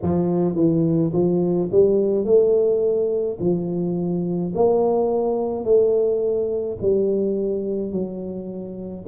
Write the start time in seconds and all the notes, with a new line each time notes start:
0.02 F3
0.55 E3
1.13 F3
1.71 G3
2.24 A3
3.40 F3
4.54 A#3
5.64 A3
6.81 G3
7.91 F#3